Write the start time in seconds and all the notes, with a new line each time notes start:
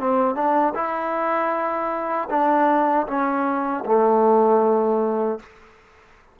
0.00 C4
0.35 D4
0.75 E4
2.30 D4
3.07 C#4
3.86 A3